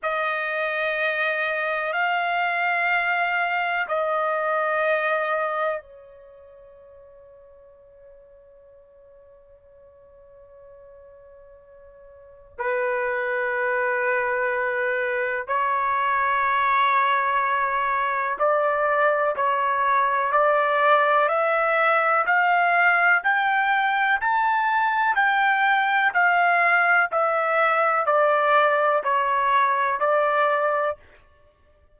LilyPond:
\new Staff \with { instrumentName = "trumpet" } { \time 4/4 \tempo 4 = 62 dis''2 f''2 | dis''2 cis''2~ | cis''1~ | cis''4 b'2. |
cis''2. d''4 | cis''4 d''4 e''4 f''4 | g''4 a''4 g''4 f''4 | e''4 d''4 cis''4 d''4 | }